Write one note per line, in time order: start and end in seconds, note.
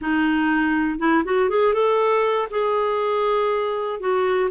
0.01 0.98 D#4
0.98 1.23 E4
1.24 1.49 F#4
1.49 1.73 G#4
1.73 2.48 A4
2.50 4.00 G#4
4.00 4.50 F#4